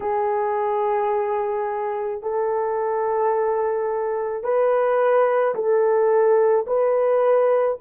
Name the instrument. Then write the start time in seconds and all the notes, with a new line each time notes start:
horn
0.00 G#4
2.22 A4
4.43 B4
5.55 A4
6.67 B4